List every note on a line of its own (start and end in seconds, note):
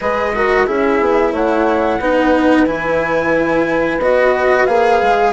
0.00 0.67 G#3
0.00 0.34 G#4
0.00 0.34 B4
0.00 0.66 D#5
0.35 0.66 F#4
0.35 0.66 A#4
0.66 1.00 C#4
0.66 2.00 E4
0.66 1.32 G#4
0.66 1.33 E5
1.00 1.32 B3
1.32 1.98 A3
1.32 1.98 C#5
1.32 2.66 F#5
1.99 2.66 B3
1.99 2.66 D#4
1.99 5.33 B4
2.66 3.98 E3
2.66 4.00 E4
2.66 3.99 G#5
3.98 4.64 B3
3.98 4.67 F#4
3.98 4.65 D#5
4.65 5.01 A#3
4.65 5.33 G#4
4.65 5.32 F5
5.01 5.33 G#3